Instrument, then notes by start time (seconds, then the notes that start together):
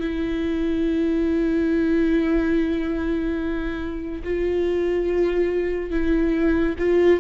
viola
0.00 E4
4.24 F4
5.90 E4
6.78 F4